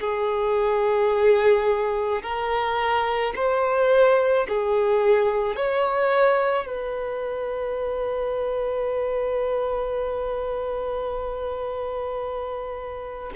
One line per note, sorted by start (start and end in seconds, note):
0.00 2.22 G#4
2.22 3.33 A#4
3.36 4.47 C5
4.48 5.56 G#4
5.56 6.66 C#5
6.66 13.32 B4